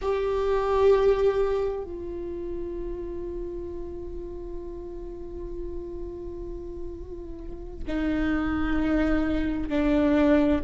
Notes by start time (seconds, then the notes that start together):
0.01 G4
1.83 F4
7.87 D#4
9.69 D4